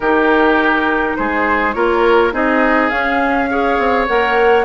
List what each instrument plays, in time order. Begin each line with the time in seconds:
0.00 bassoon D#3, clarinet D#4, oboe G4, flute A#4
1.16 bassoon G#3, oboe G#4, flute C5
1.73 bassoon A#3, clarinet F4, oboe A#4, flute C#5
2.32 bassoon C4, clarinet D#4, oboe G#4, flute D#5
2.89 clarinet C#4, bassoon C#4, flute F5
3.49 clarinet G#4, oboe C#5
3.78 bassoon C4
4.07 bassoon A#3, clarinet A#4, flute F#5